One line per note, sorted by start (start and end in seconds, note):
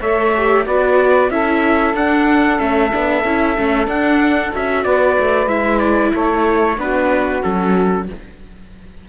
0.00 0.66 A3
0.00 0.34 A4
0.00 0.65 C#5
0.00 0.67 E5
0.37 0.67 G4
0.66 1.30 B3
0.66 1.31 F#4
0.66 1.32 B4
0.66 1.31 D5
1.30 1.94 C#4
1.30 1.96 E4
1.30 4.85 A4
1.30 1.95 E5
1.94 2.58 D4
1.94 2.60 F#5
2.58 2.93 A3
2.58 2.90 C#4
2.58 3.89 E5
2.92 3.25 B3
2.92 3.24 D4
3.25 3.57 C#4
3.25 3.58 E4
3.58 3.87 A3
3.58 3.86 C#4
3.86 4.51 D4
3.86 4.52 D4
3.86 4.54 F#5
4.53 4.85 C#4
4.53 5.49 F#4
4.53 4.84 E5
4.84 5.18 B3
4.84 6.13 B4
4.84 5.49 D5
5.19 5.47 A3
5.47 6.12 G#3
5.47 6.78 E4
5.47 5.79 E5
5.79 6.12 D5
6.13 6.78 A3
6.13 6.77 A4
6.13 6.80 C#5
6.78 7.42 B3
6.78 7.42 D4
6.78 8.09 F#4
6.78 7.43 B4
7.42 8.09 F#3
7.42 8.07 C#4
7.42 8.08 A4